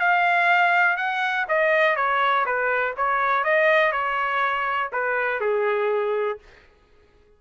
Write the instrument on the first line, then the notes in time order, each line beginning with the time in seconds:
trumpet
0.00 F5
0.97 F#5
1.49 D#5
1.96 C#5
2.46 B4
2.97 C#5
3.44 D#5
3.93 C#5
4.93 B4
5.41 G#4